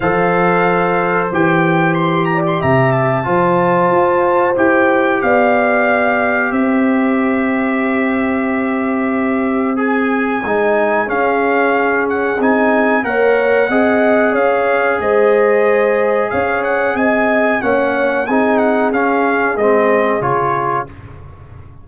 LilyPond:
<<
  \new Staff \with { instrumentName = "trumpet" } { \time 4/4 \tempo 4 = 92 f''2 g''4 c'''8 ais''16 c'''16 | ais''8 a''2~ a''8 g''4 | f''2 e''2~ | e''2. gis''4~ |
gis''4 f''4. fis''8 gis''4 | fis''2 f''4 dis''4~ | dis''4 f''8 fis''8 gis''4 fis''4 | gis''8 fis''8 f''4 dis''4 cis''4 | }
  \new Staff \with { instrumentName = "horn" } { \time 4/4 c''2.~ c''8 d''8 | e''4 c''2. | d''2 c''2~ | c''1~ |
c''4 gis'2. | cis''4 dis''4 cis''4 c''4~ | c''4 cis''4 dis''4 cis''4 | gis'1 | }
  \new Staff \with { instrumentName = "trombone" } { \time 4/4 a'2 g'2~ | g'4 f'2 g'4~ | g'1~ | g'2. gis'4 |
dis'4 cis'2 dis'4 | ais'4 gis'2.~ | gis'2. cis'4 | dis'4 cis'4 c'4 f'4 | }
  \new Staff \with { instrumentName = "tuba" } { \time 4/4 f2 e2 | c4 f4 f'4 e'4 | b2 c'2~ | c'1 |
gis4 cis'2 c'4 | ais4 c'4 cis'4 gis4~ | gis4 cis'4 c'4 ais4 | c'4 cis'4 gis4 cis4 | }
>>